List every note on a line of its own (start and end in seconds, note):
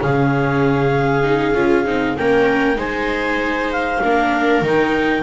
0.00 1.55 C#3
0.00 1.23 C#4
0.00 2.19 G#4
0.00 2.17 F5
1.23 1.54 D#4
1.54 1.86 C#4
1.54 1.85 F4
1.85 2.17 C4
1.85 2.16 D#4
2.17 2.76 A#3
2.17 2.76 C#4
2.17 2.78 A#4
2.17 2.79 G5
2.76 4.00 G#3
2.76 4.00 D#4
2.76 4.02 C5
2.76 3.72 G#5
3.72 4.65 F5
4.03 4.61 A#3
4.03 4.64 D4
4.03 5.23 A#4
4.61 5.23 D#3
4.61 5.23 D#4
4.61 5.23 G5